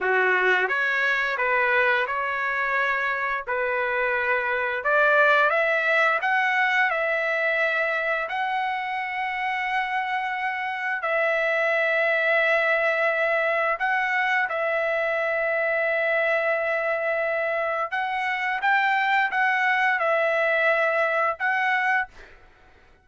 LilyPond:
\new Staff \with { instrumentName = "trumpet" } { \time 4/4 \tempo 4 = 87 fis'4 cis''4 b'4 cis''4~ | cis''4 b'2 d''4 | e''4 fis''4 e''2 | fis''1 |
e''1 | fis''4 e''2.~ | e''2 fis''4 g''4 | fis''4 e''2 fis''4 | }